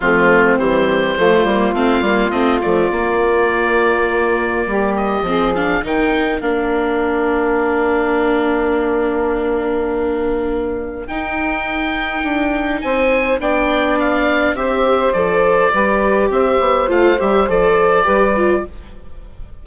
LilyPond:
<<
  \new Staff \with { instrumentName = "oboe" } { \time 4/4 \tempo 4 = 103 f'4 c''2 f''4 | dis''8 d''2.~ d''8~ | d''8 dis''4 f''8 g''4 f''4~ | f''1~ |
f''2. g''4~ | g''2 gis''4 g''4 | f''4 e''4 d''2 | e''4 f''8 e''8 d''2 | }
  \new Staff \with { instrumentName = "saxophone" } { \time 4/4 c'2 f'2~ | f'1 | g'4 gis'4 ais'2~ | ais'1~ |
ais'1~ | ais'2 c''4 d''4~ | d''4 c''2 b'4 | c''2. b'4 | }
  \new Staff \with { instrumentName = "viola" } { \time 4/4 a4 g4 a8 ais8 c'8 ais8 | c'8 a8 ais2.~ | ais4 c'8 d'8 dis'4 d'4~ | d'1~ |
d'2. dis'4~ | dis'2. d'4~ | d'4 g'4 a'4 g'4~ | g'4 f'8 g'8 a'4 g'8 f'8 | }
  \new Staff \with { instrumentName = "bassoon" } { \time 4/4 f4 e4 f8 g8 a8 g8 | a8 f8 ais2. | g4 f4 dis4 ais4~ | ais1~ |
ais2. dis'4~ | dis'4 d'4 c'4 b4~ | b4 c'4 f4 g4 | c'8 b8 a8 g8 f4 g4 | }
>>